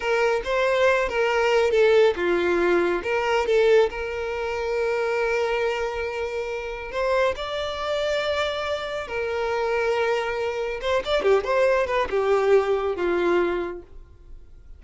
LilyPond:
\new Staff \with { instrumentName = "violin" } { \time 4/4 \tempo 4 = 139 ais'4 c''4. ais'4. | a'4 f'2 ais'4 | a'4 ais'2.~ | ais'1 |
c''4 d''2.~ | d''4 ais'2.~ | ais'4 c''8 d''8 g'8 c''4 b'8 | g'2 f'2 | }